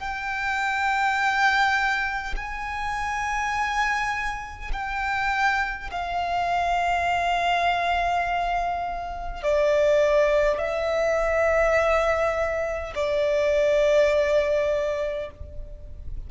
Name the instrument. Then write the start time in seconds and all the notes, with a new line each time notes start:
violin
0.00 G5
2.36 G#5
4.73 G5
5.91 F5
9.43 D5
10.58 E5
12.95 D5